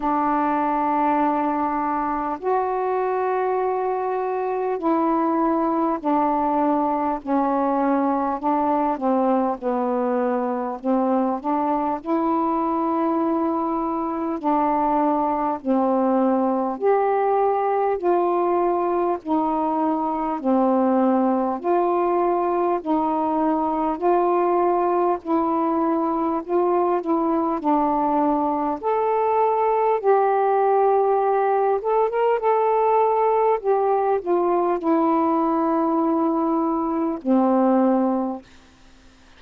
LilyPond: \new Staff \with { instrumentName = "saxophone" } { \time 4/4 \tempo 4 = 50 d'2 fis'2 | e'4 d'4 cis'4 d'8 c'8 | b4 c'8 d'8 e'2 | d'4 c'4 g'4 f'4 |
dis'4 c'4 f'4 dis'4 | f'4 e'4 f'8 e'8 d'4 | a'4 g'4. a'16 ais'16 a'4 | g'8 f'8 e'2 c'4 | }